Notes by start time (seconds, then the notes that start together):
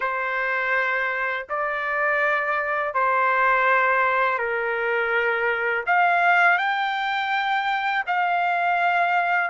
0.00 C5
1.49 D5
2.94 C5
4.38 A#4
5.86 F5
6.58 G5
8.07 F5